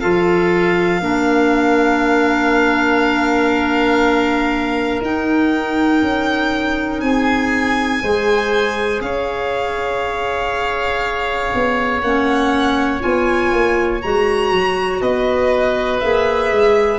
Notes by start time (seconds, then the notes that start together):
0.00 F3 F4 A4 F5
1.01 A#3 D4 A#4
5.01 D#4 G5
6.02 C#4
7.01 C4 G#4 G#5
8.01 G#3 G#4 C5
9.01 C#4 C#5 F5
11.54 B3
12.02 A#3 C#4 F#5
13.00 B3 F4 G#5
13.53 A#3
14.02 G#3 F#4 A#5
14.51 F#3
15.01 B3 B4 D#5
16.00 A#3 G#4 E5
16.52 G#3